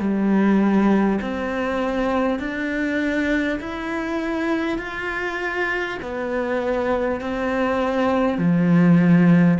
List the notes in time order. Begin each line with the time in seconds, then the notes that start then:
0.00 G3
1.21 C4
2.39 D4
3.61 E4
4.78 F4
6.02 B3
7.21 C4
8.38 F3